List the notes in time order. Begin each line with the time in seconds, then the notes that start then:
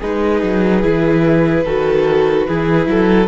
0.00 G#3 D#4 G#4 B4
0.42 F#3
0.82 E3 E4
1.65 D#3 F#4 A4
2.48 E3 E4 G#4
2.87 F#3 A4